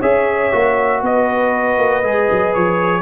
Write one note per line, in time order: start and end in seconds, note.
0.00 0.52 C#4
0.00 0.52 G#4
0.00 1.01 C#5
0.00 1.03 E5
0.52 1.02 A#3
0.52 2.03 F#4
1.02 1.78 B3
1.02 3.02 B4
1.02 2.54 D#5
1.78 2.03 A#3
2.03 2.28 G#3
2.03 3.02 G#4
2.31 2.56 F#3
2.54 3.02 F3
2.54 3.02 C#5